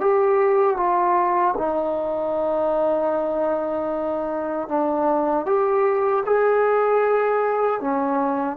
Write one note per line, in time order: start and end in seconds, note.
0.00 0.77 G4
0.77 1.54 F4
1.57 4.68 D#4
4.68 5.46 D4
5.46 6.24 G4
6.26 7.80 G#4
7.80 8.57 C#4